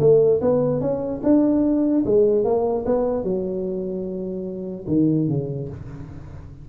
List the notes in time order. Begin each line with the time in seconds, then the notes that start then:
0.00 A3
0.41 B3
0.81 C#4
1.23 D4
2.06 G#3
2.44 A#3
2.85 B3
3.23 F#3
4.87 D#3
5.28 C#3